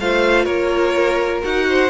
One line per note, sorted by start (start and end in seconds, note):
0.00 0.46 A3
0.00 1.42 F4
0.00 0.45 C5
0.00 0.45 F5
0.45 1.43 A#3
0.45 1.66 A#4
0.45 1.42 C#5
1.42 1.90 D#4
1.42 1.90 F#4
1.42 1.90 F#5
1.69 1.90 C5